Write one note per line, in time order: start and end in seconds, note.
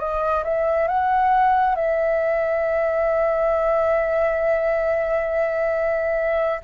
0.00 0.44 D#5
0.45 0.88 E5
0.88 1.76 F#5
1.76 6.61 E5